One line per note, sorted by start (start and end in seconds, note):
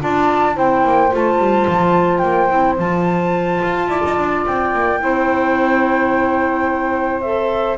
0.00 0.56 D4
0.00 0.53 F4
0.00 0.55 D5
0.00 0.57 A5
0.53 0.84 C4
0.53 1.08 E4
0.53 3.88 C5
0.53 1.13 G5
0.84 1.11 A#3
1.11 1.38 A3
1.11 2.48 F4
1.11 2.18 A5
1.38 1.66 G3
1.67 2.23 F3
2.18 2.50 A#3
2.18 2.73 G5
2.48 2.78 C4
2.48 2.76 E4
2.78 3.61 F3
2.78 5.00 F4
2.78 4.45 A5
3.63 3.88 F4
3.88 4.02 E4
3.88 5.00 D5
4.05 4.17 D#4
4.17 4.45 D4
4.46 4.73 C4
4.46 7.21 G5
4.73 5.01 A#3
5.00 7.77 C4
5.00 7.22 E4
5.00 7.77 C5
7.21 7.77 A4
7.21 7.76 E5